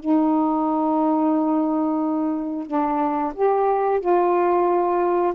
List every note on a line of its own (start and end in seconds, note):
0.00 2.67 D#4
2.67 3.34 D4
3.35 4.01 G4
4.01 5.34 F4